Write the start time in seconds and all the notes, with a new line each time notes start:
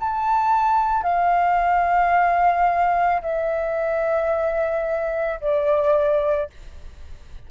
0.00 A5
1.03 F5
3.22 E5
5.41 D5